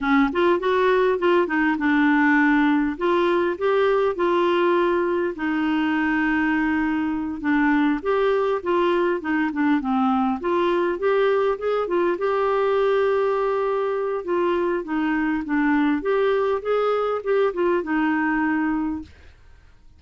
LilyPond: \new Staff \with { instrumentName = "clarinet" } { \time 4/4 \tempo 4 = 101 cis'8 f'8 fis'4 f'8 dis'8 d'4~ | d'4 f'4 g'4 f'4~ | f'4 dis'2.~ | dis'8 d'4 g'4 f'4 dis'8 |
d'8 c'4 f'4 g'4 gis'8 | f'8 g'2.~ g'8 | f'4 dis'4 d'4 g'4 | gis'4 g'8 f'8 dis'2 | }